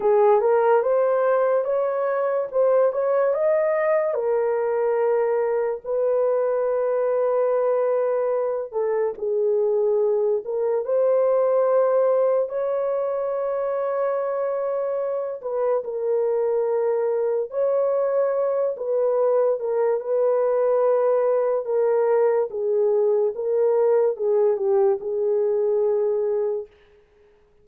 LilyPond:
\new Staff \with { instrumentName = "horn" } { \time 4/4 \tempo 4 = 72 gis'8 ais'8 c''4 cis''4 c''8 cis''8 | dis''4 ais'2 b'4~ | b'2~ b'8 a'8 gis'4~ | gis'8 ais'8 c''2 cis''4~ |
cis''2~ cis''8 b'8 ais'4~ | ais'4 cis''4. b'4 ais'8 | b'2 ais'4 gis'4 | ais'4 gis'8 g'8 gis'2 | }